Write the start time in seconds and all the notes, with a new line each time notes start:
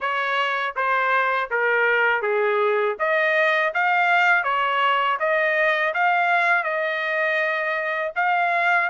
0.00 C#5
0.76 C5
1.50 A#4
2.22 G#4
2.99 D#5
3.74 F5
4.43 C#5
5.19 D#5
5.94 F5
6.63 D#5
8.15 F5